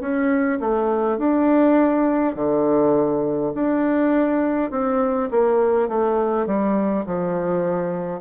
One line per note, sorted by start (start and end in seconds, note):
0.00 0.59 C#4
0.59 1.18 A3
1.18 2.35 D4
2.35 3.52 D3
3.54 4.71 D4
4.71 5.29 C4
5.30 5.88 A#3
5.88 6.46 A3
6.46 7.05 G3
7.06 8.20 F3